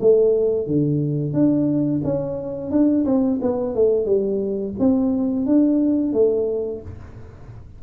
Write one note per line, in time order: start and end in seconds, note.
0.00 0.67 A3
0.67 1.33 D3
1.33 2.01 D4
2.04 2.71 C#4
2.71 3.05 D4
3.05 3.39 C4
3.41 3.75 B3
3.75 4.05 A3
4.05 4.74 G3
4.79 5.46 C4
5.46 6.13 D4
6.13 6.81 A3